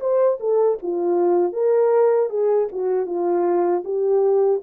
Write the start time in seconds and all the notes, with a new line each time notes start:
0.00 C5
0.40 A4
0.82 F4
1.53 A#4
2.30 G#4
2.72 F#4
3.06 F4
3.84 G4